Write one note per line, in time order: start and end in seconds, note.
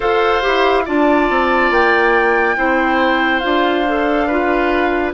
0.00 0.41 F4
0.00 0.42 A4
0.00 0.83 C5
0.00 0.86 F5
0.42 0.88 E4
0.42 0.84 G4
0.85 1.29 D4
0.85 2.56 F4
0.85 2.56 D5
0.85 1.72 A5
1.29 1.70 C4
1.70 2.56 A#3
1.70 3.39 G5
2.56 3.42 C4
2.56 3.42 E4
2.56 4.26 C5
3.39 5.13 D4
3.39 3.85 F4
3.39 5.11 F5
3.87 4.30 A4
4.26 5.13 F4
4.26 5.12 B4